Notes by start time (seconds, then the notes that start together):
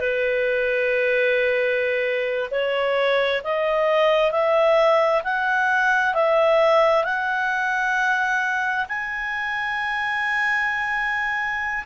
0.00 B4
2.51 C#5
3.44 D#5
4.32 E5
5.24 F#5
6.14 E5
7.04 F#5
8.89 G#5